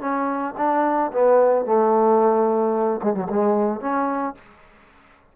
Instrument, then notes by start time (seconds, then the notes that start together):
trombone
0.00 C#4
0.57 D4
1.12 B3
1.65 A3
3.02 G#3
3.14 F#3
3.29 G#3
3.81 C#4